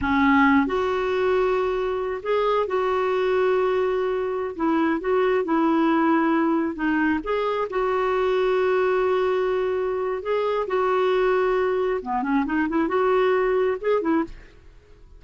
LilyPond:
\new Staff \with { instrumentName = "clarinet" } { \time 4/4 \tempo 4 = 135 cis'4. fis'2~ fis'8~ | fis'4 gis'4 fis'2~ | fis'2~ fis'16 e'4 fis'8.~ | fis'16 e'2. dis'8.~ |
dis'16 gis'4 fis'2~ fis'8.~ | fis'2. gis'4 | fis'2. b8 cis'8 | dis'8 e'8 fis'2 gis'8 e'8 | }